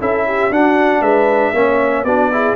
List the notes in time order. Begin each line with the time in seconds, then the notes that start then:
0.00 C#4 E4 A4 E5
0.26 G4
0.50 D4 F#4 F#5
1.01 G#3 B4 E5
1.53 A#3 C#4 C#5
2.03 B3 D4 F#4 D5
2.32 E4 G#4